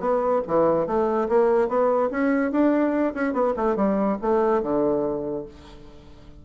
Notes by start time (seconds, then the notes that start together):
0.00 B3
0.47 E3
0.87 A3
1.29 A#3
1.68 B3
2.11 C#4
2.52 D4
3.14 C#4
3.33 B3
3.56 A3
3.76 G3
4.22 A3
4.62 D3